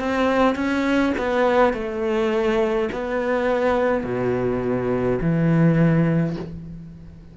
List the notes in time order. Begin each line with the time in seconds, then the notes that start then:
0.00 C4
0.56 C#4
1.18 B3
1.74 A3
2.93 B3
4.04 B2
5.21 E3